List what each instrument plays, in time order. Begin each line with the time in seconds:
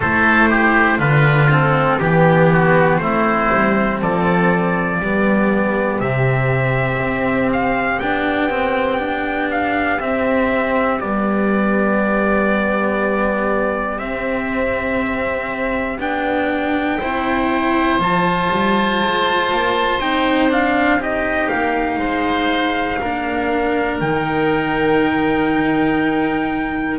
0.00 double bass A3, cello E4, oboe A4, trumpet C5
0.49 oboe G4
0.98 double bass D3, cello D4, oboe F4, trumpet B4
1.50 cello C4, trumpet A4
1.99 double bass E3, cello B3, trumpet G4, oboe G4
2.51 oboe F#4
2.98 double bass A3, cello C4, oboe E4, trumpet C5
3.52 double bass G3
4.01 double bass F3, oboe A4, trumpet D5
4.99 double bass G3, cello B3, oboe G4
6.00 double bass C3, cello C4, trumpet E5
7.00 double bass C4
7.52 trumpet F5
7.99 double bass B3, cello D4, trumpet G5
8.50 cello C4
8.99 cello D4
9.51 trumpet F5
9.99 cello C4, double bass C4, trumpet E5
11.00 double bass G3, cello B3, trumpet D5
13.98 cello C4, double bass C4, trumpet E5
15.98 double bass B3, cello D4, trumpet G5
16.99 double bass C4, cello E4, oboe C5
17.99 double bass F3, cello F4, trumpet A5
18.51 double bass G3
19.01 double bass G#3
19.52 double bass A#3
19.99 double bass C4, cello D#4, trumpet G5
20.49 cello D4, trumpet F5
20.99 cello D#4, oboe G4, trumpet D#5
21.49 double bass A#3, trumpet F5
21.97 double bass G#3, oboe C5
23.00 double bass A#3, cello D4, oboe A#4
24.00 double bass D#3, cello D#4, trumpet G5